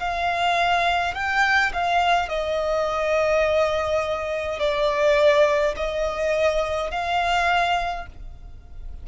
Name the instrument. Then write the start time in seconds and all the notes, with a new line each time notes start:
violin
0.00 F5
1.15 G5
1.74 F5
2.29 D#5
4.60 D5
5.77 D#5
6.91 F5